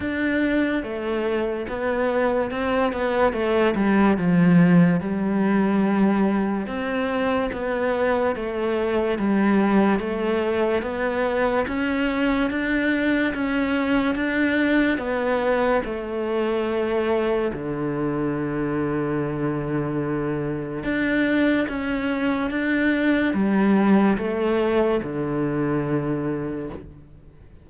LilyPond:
\new Staff \with { instrumentName = "cello" } { \time 4/4 \tempo 4 = 72 d'4 a4 b4 c'8 b8 | a8 g8 f4 g2 | c'4 b4 a4 g4 | a4 b4 cis'4 d'4 |
cis'4 d'4 b4 a4~ | a4 d2.~ | d4 d'4 cis'4 d'4 | g4 a4 d2 | }